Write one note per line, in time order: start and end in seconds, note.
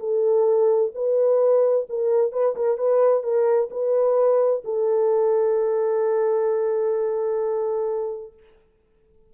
0.00 0.92 A4
0.95 1.88 B4
1.90 2.33 A#4
2.33 2.56 B4
2.56 2.78 A#4
2.78 3.24 B4
3.24 3.70 A#4
3.71 4.63 B4
4.65 8.34 A4